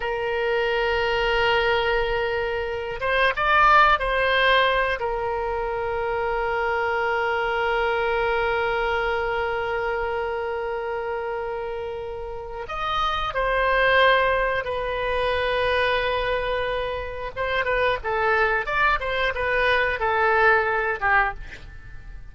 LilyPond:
\new Staff \with { instrumentName = "oboe" } { \time 4/4 \tempo 4 = 90 ais'1~ | ais'8 c''8 d''4 c''4. ais'8~ | ais'1~ | ais'1~ |
ais'2. dis''4 | c''2 b'2~ | b'2 c''8 b'8 a'4 | d''8 c''8 b'4 a'4. g'8 | }